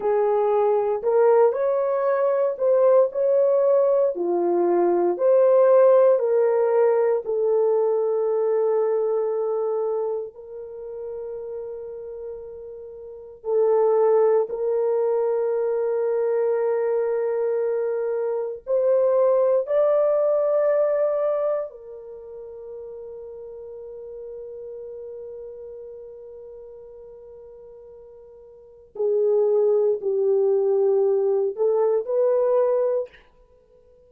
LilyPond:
\new Staff \with { instrumentName = "horn" } { \time 4/4 \tempo 4 = 58 gis'4 ais'8 cis''4 c''8 cis''4 | f'4 c''4 ais'4 a'4~ | a'2 ais'2~ | ais'4 a'4 ais'2~ |
ais'2 c''4 d''4~ | d''4 ais'2.~ | ais'1 | gis'4 g'4. a'8 b'4 | }